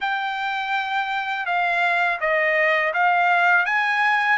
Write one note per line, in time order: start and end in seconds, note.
0.00 1.46 G5
1.46 2.19 F5
2.20 2.93 D#5
2.93 3.65 F5
3.65 4.38 G#5